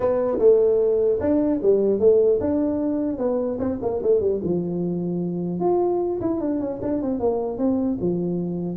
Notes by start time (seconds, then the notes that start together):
0.00 B3
0.39 A3
1.20 D4
1.62 G3
1.99 A3
2.40 D4
3.18 B3
3.59 C4
3.81 A#3
4.02 A3
4.20 G3
4.43 F3
5.59 F4
6.21 E4
6.40 D4
6.60 C#4
6.82 D4
7.01 C4
7.19 A#3
7.57 C4
8.00 F3